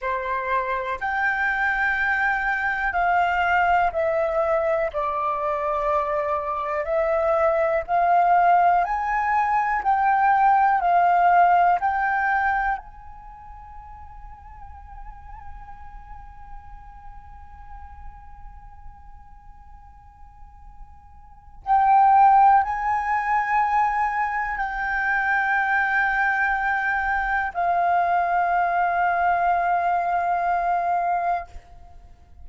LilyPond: \new Staff \with { instrumentName = "flute" } { \time 4/4 \tempo 4 = 61 c''4 g''2 f''4 | e''4 d''2 e''4 | f''4 gis''4 g''4 f''4 | g''4 gis''2.~ |
gis''1~ | gis''2 g''4 gis''4~ | gis''4 g''2. | f''1 | }